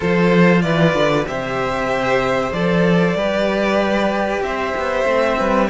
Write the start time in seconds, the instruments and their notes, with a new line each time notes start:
0.00 cello F3 F4, violin A4 C5
0.61 cello E3, violin B4 D5
0.94 cello D3
1.26 cello C3 G4, violin C5 E5
2.51 cello F3 A4, violin D5
3.14 cello G3 G4, violin B4
4.41 cello C4, violin C5 E5
4.76 cello B3
5.04 cello A3 C4
5.38 cello G3, violin B4